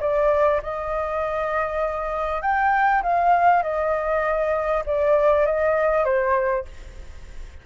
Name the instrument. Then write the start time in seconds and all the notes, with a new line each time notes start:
flute
0.00 D5
0.62 D#5
2.41 G5
3.02 F5
3.62 D#5
4.85 D5
5.45 D#5
6.04 C5